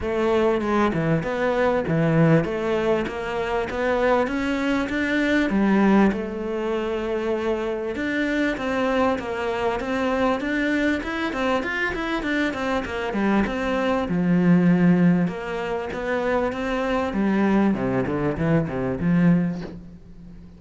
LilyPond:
\new Staff \with { instrumentName = "cello" } { \time 4/4 \tempo 4 = 98 a4 gis8 e8 b4 e4 | a4 ais4 b4 cis'4 | d'4 g4 a2~ | a4 d'4 c'4 ais4 |
c'4 d'4 e'8 c'8 f'8 e'8 | d'8 c'8 ais8 g8 c'4 f4~ | f4 ais4 b4 c'4 | g4 c8 d8 e8 c8 f4 | }